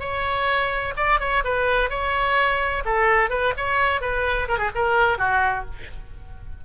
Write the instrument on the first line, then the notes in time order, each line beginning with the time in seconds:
oboe
0.00 C#5
0.97 D5
1.20 C#5
1.44 B4
1.90 C#5
2.85 A4
3.30 B4
3.57 C#5
4.01 B4
4.48 A#4
4.59 G#4
4.75 A#4
5.18 F#4